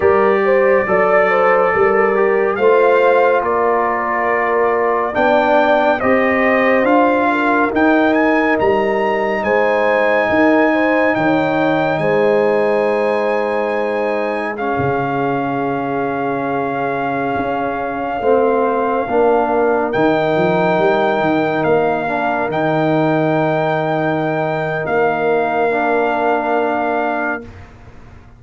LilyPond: <<
  \new Staff \with { instrumentName = "trumpet" } { \time 4/4 \tempo 4 = 70 d''2. f''4 | d''2 g''4 dis''4 | f''4 g''8 gis''8 ais''4 gis''4~ | gis''4 g''4 gis''2~ |
gis''4 f''2.~ | f''2.~ f''16 g''8.~ | g''4~ g''16 f''4 g''4.~ g''16~ | g''4 f''2. | }
  \new Staff \with { instrumentName = "horn" } { \time 4/4 ais'8 c''8 d''8 c''8 ais'4 c''4 | ais'2 d''4 c''4~ | c''8 ais'2~ ais'8 c''4 | ais'8 c''8 cis''4 c''2~ |
c''4 gis'2.~ | gis'4~ gis'16 c''4 ais'4.~ ais'16~ | ais'1~ | ais'1 | }
  \new Staff \with { instrumentName = "trombone" } { \time 4/4 g'4 a'4. g'8 f'4~ | f'2 d'4 g'4 | f'4 dis'2.~ | dis'1~ |
dis'4 cis'2.~ | cis'4~ cis'16 c'4 d'4 dis'8.~ | dis'4.~ dis'16 d'8 dis'4.~ dis'16~ | dis'2 d'2 | }
  \new Staff \with { instrumentName = "tuba" } { \time 4/4 g4 fis4 g4 a4 | ais2 b4 c'4 | d'4 dis'4 g4 gis4 | dis'4 dis4 gis2~ |
gis4~ gis16 cis2~ cis8.~ | cis16 cis'4 a4 ais4 dis8 f16~ | f16 g8 dis8 ais4 dis4.~ dis16~ | dis4 ais2. | }
>>